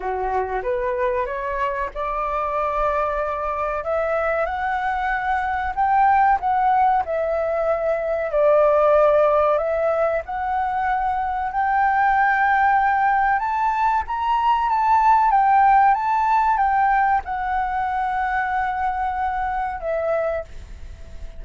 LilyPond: \new Staff \with { instrumentName = "flute" } { \time 4/4 \tempo 4 = 94 fis'4 b'4 cis''4 d''4~ | d''2 e''4 fis''4~ | fis''4 g''4 fis''4 e''4~ | e''4 d''2 e''4 |
fis''2 g''2~ | g''4 a''4 ais''4 a''4 | g''4 a''4 g''4 fis''4~ | fis''2. e''4 | }